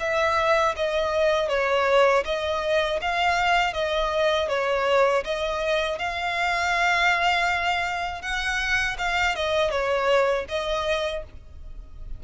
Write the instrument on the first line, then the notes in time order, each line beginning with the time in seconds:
violin
0.00 E5
0.76 D#5
1.49 C#5
2.25 D#5
3.01 F5
3.73 D#5
4.49 C#5
5.24 D#5
5.98 F5
8.22 F#5
8.98 F5
9.35 D#5
9.71 C#5
10.48 D#5